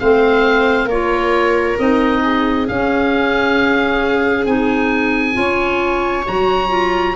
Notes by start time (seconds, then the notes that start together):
0.00 A3 C4 C5 F5
0.85 A#3 F4 A#4 C#5
1.79 C4 D#4 D#5
2.23 G#4
2.68 C#4 F5
4.46 C4 D#4 G#5
5.34 C#4 F4 C#5
6.25 F#3 F#4 A#5
6.69 F4